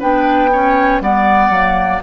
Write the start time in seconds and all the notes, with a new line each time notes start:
0.00 B3 D4 B4 G5
0.53 C#4 C#5
1.01 G3 B3 D5 F#5
1.50 F#3 A#3